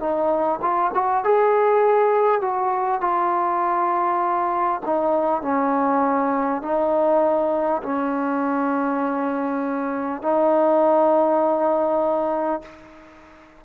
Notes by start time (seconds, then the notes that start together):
0.00 D#4
0.62 F4
0.94 F#4
1.24 G#4
2.42 F#4
3.01 F4
4.85 D#4
5.42 C#4
6.62 D#4
7.83 C#4
10.23 D#4